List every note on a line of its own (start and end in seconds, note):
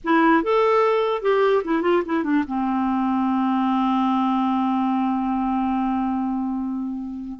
0.04 0.43 E4
0.43 1.21 A4
1.21 1.63 G4
1.64 1.82 E4
1.82 2.02 F4
2.05 2.23 E4
2.23 2.44 D4
2.47 7.39 C4